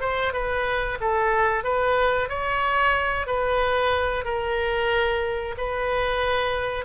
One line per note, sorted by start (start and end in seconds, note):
0.00 0.33 C5
0.33 0.98 B4
1.00 1.64 A4
1.64 2.29 B4
2.29 3.26 C#5
3.26 4.24 B4
4.24 5.55 A#4
5.57 6.85 B4